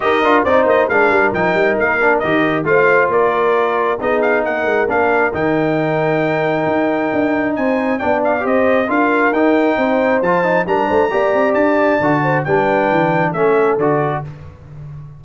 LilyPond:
<<
  \new Staff \with { instrumentName = "trumpet" } { \time 4/4 \tempo 4 = 135 dis''4 d''8 dis''8 f''4 g''4 | f''4 dis''4 f''4 d''4~ | d''4 dis''8 f''8 fis''4 f''4 | g''1~ |
g''4 gis''4 g''8 f''8 dis''4 | f''4 g''2 a''4 | ais''2 a''2 | g''2 e''4 d''4 | }
  \new Staff \with { instrumentName = "horn" } { \time 4/4 ais'4 c''4 ais'2~ | ais'2 c''4 ais'4~ | ais'4 gis'4 ais'2~ | ais'1~ |
ais'4 c''4 d''4 c''4 | ais'2 c''2 | ais'8 c''8 d''2~ d''8 c''8 | b'2 a'2 | }
  \new Staff \with { instrumentName = "trombone" } { \time 4/4 g'8 f'8 dis'4 d'4 dis'4~ | dis'8 d'8 g'4 f'2~ | f'4 dis'2 d'4 | dis'1~ |
dis'2 d'4 g'4 | f'4 dis'2 f'8 dis'8 | d'4 g'2 fis'4 | d'2 cis'4 fis'4 | }
  \new Staff \with { instrumentName = "tuba" } { \time 4/4 dis'8 d'8 c'8 ais8 gis8 g8 f8 g8 | ais4 dis4 a4 ais4~ | ais4 b4 ais8 gis8 ais4 | dis2. dis'4 |
d'4 c'4 b4 c'4 | d'4 dis'4 c'4 f4 | g8 a8 ais8 c'8 d'4 d4 | g4 e4 a4 d4 | }
>>